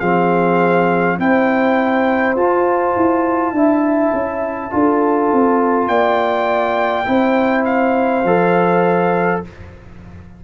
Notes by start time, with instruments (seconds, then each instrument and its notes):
0.00 tuba F3, trombone C4, horn G#4, trumpet F5
1.19 tuba C4, trombone E4, horn C5, trumpet G5
2.36 tuba F4, trombone F4, trumpet A5
2.96 tuba E4
3.52 tuba D4, trombone E4, horn E5
4.13 tuba C#4
4.70 tuba D4, trombone F4, horn A4
5.32 tuba C4
5.88 tuba A#3, horn D5, trumpet G5
7.05 tuba C4, trombone E4, horn C5
7.65 trumpet F5
8.24 tuba F3, trombone A4